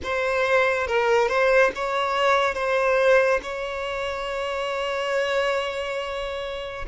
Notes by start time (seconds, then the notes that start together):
0.03 C5
0.86 A#4
1.28 C5
1.75 C#5
2.54 C5
3.42 C#5